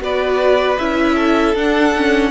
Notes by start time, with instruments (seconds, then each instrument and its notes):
0.00 cello B3, viola F#4, violin B4 D5
0.78 cello C#4, viola E4, violin E5
1.15 violin A4
1.54 cello D4, viola D4, violin F#5
1.96 viola C#4